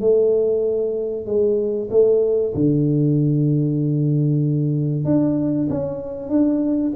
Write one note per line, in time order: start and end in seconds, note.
0.00 1.26 A3
1.26 1.89 G#3
1.90 2.53 A3
2.54 5.05 D3
5.05 5.68 D4
5.70 6.29 C#4
6.29 6.92 D4